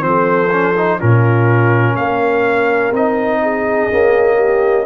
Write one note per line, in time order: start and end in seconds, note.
0.00 0.99 F3
0.00 0.48 C4
0.00 1.00 C5
0.07 0.99 A4
0.52 0.76 C#4
0.77 1.00 D#4
0.99 1.96 A#2
0.99 2.94 C#4
0.99 1.96 F4
0.99 1.97 A#4
1.96 2.92 A#3
1.96 3.42 A#4
1.96 2.93 F5
2.92 3.88 C4
2.92 3.91 D#4
2.92 4.87 D#5
3.42 4.36 G#4
3.91 4.87 A#3
3.91 4.87 C#4
4.36 4.85 G4